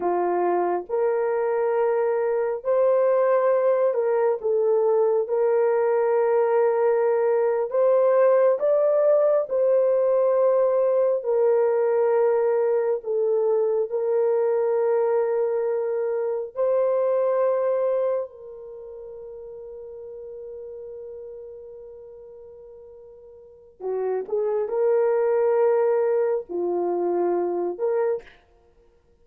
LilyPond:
\new Staff \with { instrumentName = "horn" } { \time 4/4 \tempo 4 = 68 f'4 ais'2 c''4~ | c''8 ais'8 a'4 ais'2~ | ais'8. c''4 d''4 c''4~ c''16~ | c''8. ais'2 a'4 ais'16~ |
ais'2~ ais'8. c''4~ c''16~ | c''8. ais'2.~ ais'16~ | ais'2. fis'8 gis'8 | ais'2 f'4. ais'8 | }